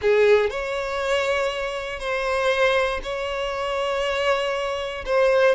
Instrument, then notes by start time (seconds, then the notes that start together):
violin
0.01 G#4
0.50 C#5
1.99 C5
3.03 C#5
5.05 C5